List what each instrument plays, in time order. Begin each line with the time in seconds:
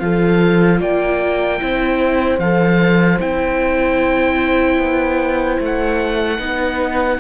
0.00 cello F3, viola F4, horn A4, oboe F5
0.81 cello A#3, horn D5, oboe G5
1.60 cello C4, viola E4, horn C5
2.39 cello F3, viola A4, oboe F5
3.20 cello C4, viola E4, oboe G5
4.79 cello B3
5.60 cello A3, oboe F#5
6.39 cello B3, viola D#4, horn B4